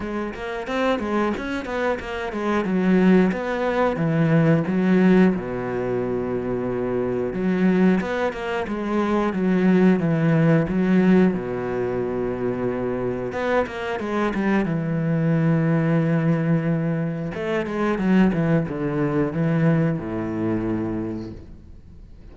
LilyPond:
\new Staff \with { instrumentName = "cello" } { \time 4/4 \tempo 4 = 90 gis8 ais8 c'8 gis8 cis'8 b8 ais8 gis8 | fis4 b4 e4 fis4 | b,2. fis4 | b8 ais8 gis4 fis4 e4 |
fis4 b,2. | b8 ais8 gis8 g8 e2~ | e2 a8 gis8 fis8 e8 | d4 e4 a,2 | }